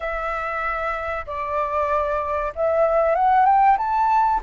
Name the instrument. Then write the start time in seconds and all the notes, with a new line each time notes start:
flute
0.00 E5
1.26 D5
2.55 E5
3.15 F#5
3.45 G5
3.77 A5